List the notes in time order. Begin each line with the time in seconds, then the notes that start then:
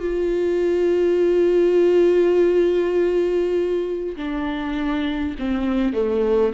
0.00 F4
4.16 D4
5.39 C4
5.94 A3